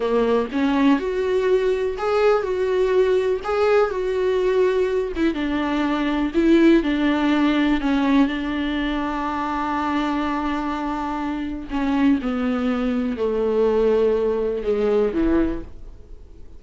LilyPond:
\new Staff \with { instrumentName = "viola" } { \time 4/4 \tempo 4 = 123 ais4 cis'4 fis'2 | gis'4 fis'2 gis'4 | fis'2~ fis'8 e'8 d'4~ | d'4 e'4 d'2 |
cis'4 d'2.~ | d'1 | cis'4 b2 a4~ | a2 gis4 e4 | }